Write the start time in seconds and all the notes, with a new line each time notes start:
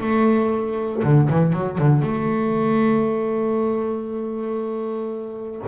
0.00 A3
1.03 D3
1.29 E3
1.53 F#3
1.78 D3
2.02 A3